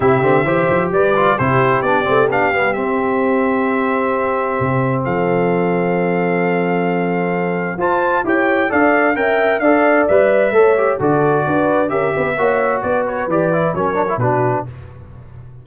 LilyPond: <<
  \new Staff \with { instrumentName = "trumpet" } { \time 4/4 \tempo 4 = 131 e''2 d''4 c''4 | d''4 f''4 e''2~ | e''2. f''4~ | f''1~ |
f''4 a''4 g''4 f''4 | g''4 f''4 e''2 | d''2 e''2 | d''8 cis''8 d''4 cis''4 b'4 | }
  \new Staff \with { instrumentName = "horn" } { \time 4/4 g'4 c''4 b'4 g'4~ | g'1~ | g'2. a'4~ | a'1~ |
a'4 c''4 cis''4 d''4 | e''4 d''2 cis''4 | a'4 b'4 ais'8 b'8 cis''4 | b'2 ais'4 fis'4 | }
  \new Staff \with { instrumentName = "trombone" } { \time 4/4 e'8 c'8 g'4. f'8 e'4 | d'8 c'8 d'8 b8 c'2~ | c'1~ | c'1~ |
c'4 f'4 g'4 a'4 | ais'4 a'4 b'4 a'8 g'8 | fis'2 g'4 fis'4~ | fis'4 g'8 e'8 cis'8 d'16 e'16 d'4 | }
  \new Staff \with { instrumentName = "tuba" } { \time 4/4 c8 d8 e8 f8 g4 c4 | b8 a8 b8 g8 c'2~ | c'2 c4 f4~ | f1~ |
f4 f'4 e'4 d'4 | cis'4 d'4 g4 a4 | d4 d'4 cis'8 b8 ais4 | b4 e4 fis4 b,4 | }
>>